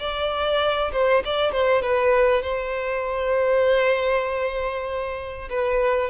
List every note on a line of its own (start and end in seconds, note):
0.00 0.92 D5
0.93 1.24 C5
1.25 1.53 D5
1.53 1.82 C5
1.82 2.43 B4
2.43 5.49 C5
5.50 6.11 B4